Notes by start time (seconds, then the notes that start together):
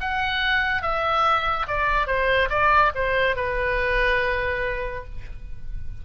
0.00 F#5
0.81 E5
1.67 D5
2.06 C5
2.49 D5
2.95 C5
3.35 B4